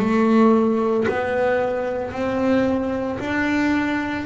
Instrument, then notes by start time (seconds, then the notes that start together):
double bass
0.00 A3
1.08 B3
2.12 C4
3.20 D4